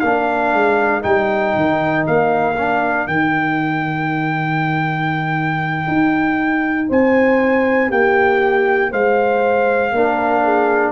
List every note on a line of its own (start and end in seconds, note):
0.00 0.54 A#3
0.00 1.02 D4
0.00 6.89 A#4
0.00 1.02 F5
0.54 1.04 G#3
1.02 1.56 G3
1.02 2.55 D#4
1.02 2.06 G5
1.57 2.07 D#3
2.07 3.08 A#3
2.07 3.08 F5
2.58 3.09 D4
3.08 5.87 D#3
3.08 9.95 D#4
3.08 6.89 G5
5.88 6.90 D#4
6.89 7.92 C4
6.89 7.89 C5
6.89 7.92 G#5
7.89 8.93 A#3
7.89 8.91 G4
7.89 8.93 G5
8.91 9.92 G#3
8.91 9.93 C5
8.91 10.92 F5
9.92 10.92 A#3
9.92 10.92 D4
9.92 10.45 A#4
10.45 10.92 G#4